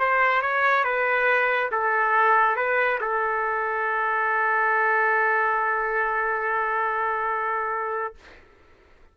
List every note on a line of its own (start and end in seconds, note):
0.00 0.42 C5
0.42 0.85 C#5
0.85 1.70 B4
1.72 2.57 A4
2.57 3.00 B4
3.01 8.15 A4